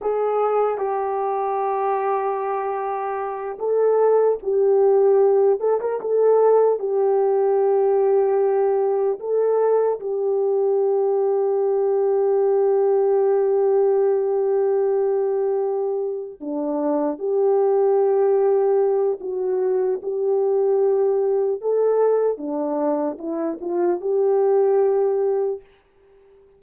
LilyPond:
\new Staff \with { instrumentName = "horn" } { \time 4/4 \tempo 4 = 75 gis'4 g'2.~ | g'8 a'4 g'4. a'16 ais'16 a'8~ | a'8 g'2. a'8~ | a'8 g'2.~ g'8~ |
g'1~ | g'8 d'4 g'2~ g'8 | fis'4 g'2 a'4 | d'4 e'8 f'8 g'2 | }